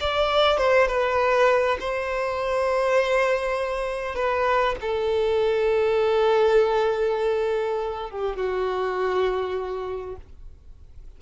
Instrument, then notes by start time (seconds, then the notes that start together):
violin
0.00 D5
0.57 C5
0.87 B4
1.79 C5
4.15 B4
4.81 A4
8.10 G4
8.36 F#4